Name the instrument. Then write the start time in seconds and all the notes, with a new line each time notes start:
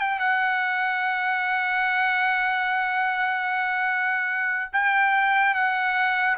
trumpet
0.00 G5
0.19 F#5
4.73 G5
5.54 F#5